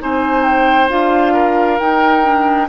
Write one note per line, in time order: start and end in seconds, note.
0.00 0.90 C4
0.00 0.89 D#4
0.00 1.33 C5
0.00 0.44 G#5
0.44 0.89 G5
0.89 1.79 D4
0.89 1.78 F4
0.89 1.79 F5
1.33 2.68 A#4
1.79 2.23 D#4
1.79 2.69 D#4
1.79 2.68 G5
2.23 2.68 D4